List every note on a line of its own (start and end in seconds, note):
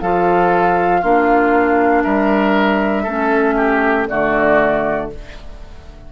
0.00 1.03 F3
0.00 1.02 F4
0.00 1.01 A4
0.00 2.03 F5
1.01 2.04 A#3
1.01 3.06 D4
1.01 2.03 F4
2.03 3.06 G3
2.03 3.03 A#4
2.03 4.06 E5
3.03 4.08 A3
3.03 4.08 C#4
3.03 3.54 A4
3.56 4.07 G4
4.08 5.12 D3
4.08 5.10 A3
4.08 5.11 F#4
4.08 5.10 D5